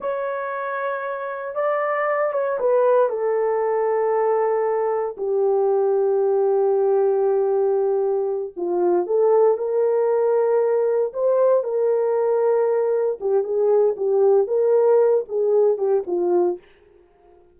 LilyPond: \new Staff \with { instrumentName = "horn" } { \time 4/4 \tempo 4 = 116 cis''2. d''4~ | d''8 cis''8 b'4 a'2~ | a'2 g'2~ | g'1~ |
g'8 f'4 a'4 ais'4.~ | ais'4. c''4 ais'4.~ | ais'4. g'8 gis'4 g'4 | ais'4. gis'4 g'8 f'4 | }